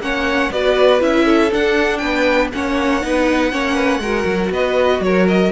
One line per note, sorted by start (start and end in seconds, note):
0.00 0.50 A#3
0.00 0.52 C#4
0.00 0.53 C#5
0.00 0.52 F#5
0.52 1.02 B3
0.52 1.00 F#4
0.52 1.25 B4
0.52 1.02 D5
1.00 1.52 C#4
1.00 1.50 E4
1.00 1.52 E5
1.25 2.00 A4
1.52 2.52 D4
1.52 2.03 D4
1.52 1.98 F#5
1.98 2.53 B3
1.98 2.51 B4
1.98 2.48 G5
2.53 3.04 A#3
2.53 3.02 C#4
2.53 3.06 C#5
2.53 4.53 F#5
3.02 3.52 B3
3.02 3.52 D#4
3.02 3.53 B4
3.52 4.00 A#3
3.52 4.02 C#4
3.52 3.75 C#5
3.75 4.00 B4
4.00 4.25 G#3
4.00 5.52 F#4
4.00 4.52 A#4
4.25 4.50 F#3
4.50 5.00 B3
4.50 5.03 B4
4.50 5.03 D#5
5.00 5.50 F#3
5.00 5.52 A#4
5.00 5.28 C#5
5.29 5.52 D#5